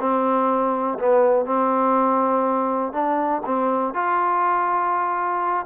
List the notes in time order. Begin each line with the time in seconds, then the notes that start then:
0.00 C4
0.99 B3
1.45 C4
2.92 D4
3.45 C4
3.94 F4